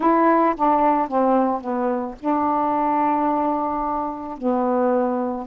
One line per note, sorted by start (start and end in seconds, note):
0.00 0.55 E4
0.56 1.08 D4
1.08 1.60 C4
1.60 2.15 B3
2.19 4.37 D4
4.37 5.46 B3